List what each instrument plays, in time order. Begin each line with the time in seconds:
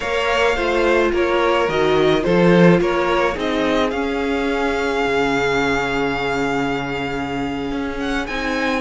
0.00 cello A#3, viola A#4, violin C#5 F5
0.55 cello A3, viola F4, violin C5
1.11 cello A#3, violin A#4 C#5
1.68 cello D#3, viola F#4, violin D#5
2.20 cello F3, viola F4, violin A4 C5
2.80 cello A#3, violin A#4 C#5
3.33 cello C4, viola D#4, violin G#4
3.39 violin D#5
3.90 cello C#4, viola C#4, violin F5
5.05 cello C#3
7.71 cello C#4
7.99 violin F#5
8.26 cello C4, viola D#4, violin G#5